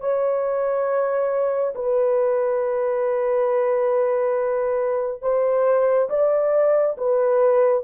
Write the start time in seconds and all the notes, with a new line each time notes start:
0.00 C#5
1.75 B4
5.22 C5
6.09 D5
6.97 B4